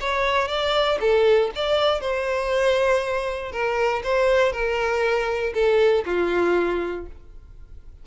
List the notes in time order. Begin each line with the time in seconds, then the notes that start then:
0.00 C#5
0.48 D5
1.00 A4
1.55 D5
2.01 C5
3.52 A#4
4.04 C5
4.52 A#4
5.54 A4
6.05 F4